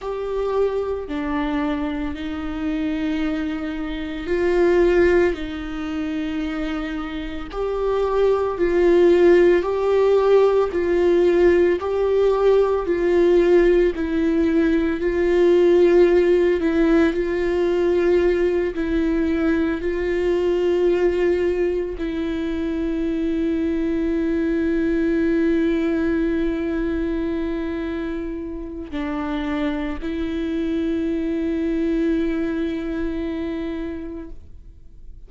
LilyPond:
\new Staff \with { instrumentName = "viola" } { \time 4/4 \tempo 4 = 56 g'4 d'4 dis'2 | f'4 dis'2 g'4 | f'4 g'4 f'4 g'4 | f'4 e'4 f'4. e'8 |
f'4. e'4 f'4.~ | f'8 e'2.~ e'8~ | e'2. d'4 | e'1 | }